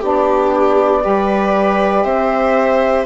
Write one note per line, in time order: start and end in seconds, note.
0.00 1.05 B3
0.00 1.02 D4
0.00 1.02 G4
0.00 2.04 D5
1.02 2.04 G3
1.02 3.06 G4
1.02 2.05 B4
2.04 3.06 C4
2.04 3.06 C5
2.04 3.06 E5